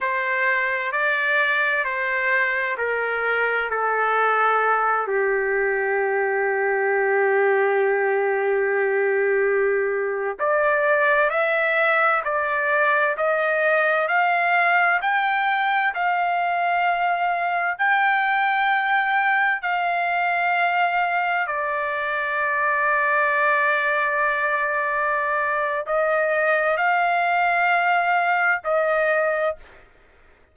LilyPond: \new Staff \with { instrumentName = "trumpet" } { \time 4/4 \tempo 4 = 65 c''4 d''4 c''4 ais'4 | a'4. g'2~ g'8~ | g'2.~ g'16 d''8.~ | d''16 e''4 d''4 dis''4 f''8.~ |
f''16 g''4 f''2 g''8.~ | g''4~ g''16 f''2 d''8.~ | d''1 | dis''4 f''2 dis''4 | }